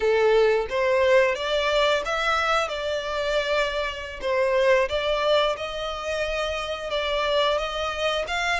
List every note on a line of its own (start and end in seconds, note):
0.00 0.66 A4
0.69 1.35 C5
1.35 2.02 D5
2.05 2.68 E5
2.68 4.20 D5
4.21 4.88 C5
4.88 5.56 D5
5.56 6.90 D#5
6.90 7.58 D5
7.58 8.25 D#5
8.27 8.60 F5